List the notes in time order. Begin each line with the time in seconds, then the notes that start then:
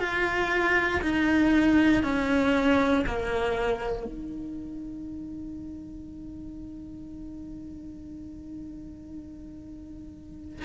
0.00 F4
1.02 D#4
2.04 C#4
3.07 A#3
4.05 D#4